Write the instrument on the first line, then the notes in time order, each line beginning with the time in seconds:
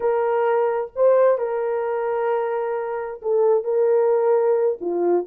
horn
0.00 A#4
0.95 C5
1.38 A#4
3.21 A4
3.63 A#4
4.80 F4